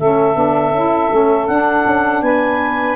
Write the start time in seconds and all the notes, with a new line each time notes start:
0.00 A3 C#4 A4 E5
0.35 B3 D4
0.72 C#4 E4
1.11 A3 C#4
1.48 D4 F#5
1.86 C#4
2.22 B3 B4 G#5